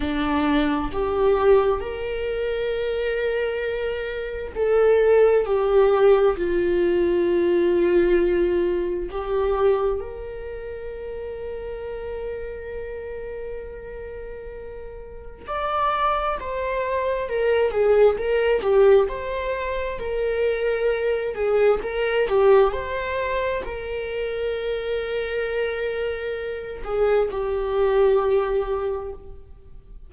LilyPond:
\new Staff \with { instrumentName = "viola" } { \time 4/4 \tempo 4 = 66 d'4 g'4 ais'2~ | ais'4 a'4 g'4 f'4~ | f'2 g'4 ais'4~ | ais'1~ |
ais'4 d''4 c''4 ais'8 gis'8 | ais'8 g'8 c''4 ais'4. gis'8 | ais'8 g'8 c''4 ais'2~ | ais'4. gis'8 g'2 | }